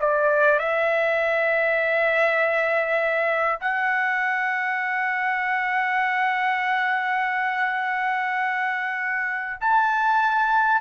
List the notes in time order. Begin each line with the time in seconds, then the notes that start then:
0.00 D5
0.59 E5
3.61 F#5
9.61 A5